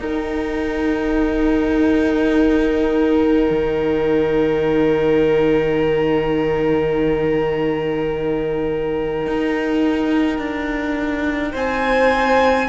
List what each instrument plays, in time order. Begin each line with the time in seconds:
0.00 cello D#4, viola D#4, violin A#4 G5
3.50 cello D#3
9.27 cello D#4
10.39 cello D4
11.52 cello C4, violin C5 G#5